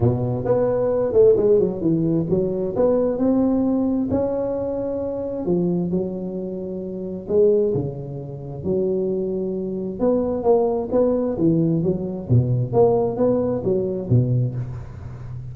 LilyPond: \new Staff \with { instrumentName = "tuba" } { \time 4/4 \tempo 4 = 132 b,4 b4. a8 gis8 fis8 | e4 fis4 b4 c'4~ | c'4 cis'2. | f4 fis2. |
gis4 cis2 fis4~ | fis2 b4 ais4 | b4 e4 fis4 b,4 | ais4 b4 fis4 b,4 | }